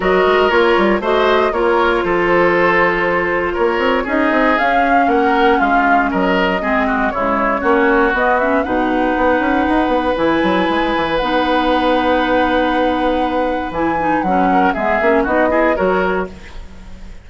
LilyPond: <<
  \new Staff \with { instrumentName = "flute" } { \time 4/4 \tempo 4 = 118 dis''4 cis''4 dis''4 cis''4 | c''2. cis''4 | dis''4 f''4 fis''4 f''4 | dis''2 cis''2 |
dis''8 e''8 fis''2. | gis''2 fis''2~ | fis''2. gis''4 | fis''4 e''4 dis''4 cis''4 | }
  \new Staff \with { instrumentName = "oboe" } { \time 4/4 ais'2 c''4 ais'4 | a'2. ais'4 | gis'2 ais'4 f'4 | ais'4 gis'8 fis'8 e'4 fis'4~ |
fis'4 b'2.~ | b'1~ | b'1~ | b'8 ais'8 gis'4 fis'8 gis'8 ais'4 | }
  \new Staff \with { instrumentName = "clarinet" } { \time 4/4 fis'4 f'4 fis'4 f'4~ | f'1 | dis'4 cis'2.~ | cis'4 c'4 gis4 cis'4 |
b8 cis'8 dis'2. | e'2 dis'2~ | dis'2. e'8 dis'8 | cis'4 b8 cis'8 dis'8 e'8 fis'4 | }
  \new Staff \with { instrumentName = "bassoon" } { \time 4/4 fis8 gis8 ais8 g8 a4 ais4 | f2. ais8 c'8 | cis'8 c'8 cis'4 ais4 gis4 | fis4 gis4 cis4 ais4 |
b4 b,4 b8 cis'8 dis'8 b8 | e8 fis8 gis8 e8 b2~ | b2. e4 | fis4 gis8 ais8 b4 fis4 | }
>>